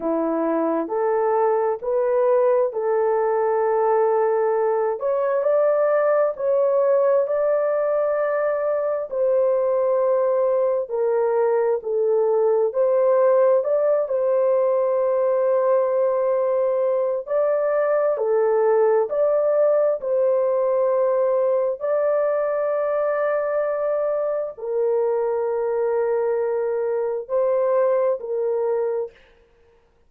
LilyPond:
\new Staff \with { instrumentName = "horn" } { \time 4/4 \tempo 4 = 66 e'4 a'4 b'4 a'4~ | a'4. cis''8 d''4 cis''4 | d''2 c''2 | ais'4 a'4 c''4 d''8 c''8~ |
c''2. d''4 | a'4 d''4 c''2 | d''2. ais'4~ | ais'2 c''4 ais'4 | }